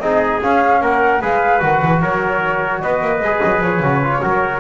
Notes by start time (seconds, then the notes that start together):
0.00 C4 D#4 G#4 D#5
0.42 C#4 F5
0.81 A#3 A#4 F#5
1.21 G#3 G#4 B4 F5
1.60 D#3 F#4 F#5
1.83 E3
2.02 F#3 A#4 C#5
2.81 B3 B4 D#5
3.01 A#3
3.21 G#3 G#4
3.44 F#3
3.61 F3 C#5
3.80 C#3 F#4
4.04 F4
4.21 F#3 F#4 A#4